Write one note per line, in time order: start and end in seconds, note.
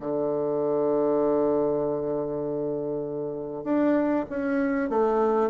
0.00 3.64 D3
3.64 4.25 D4
4.30 4.90 C#4
4.90 5.50 A3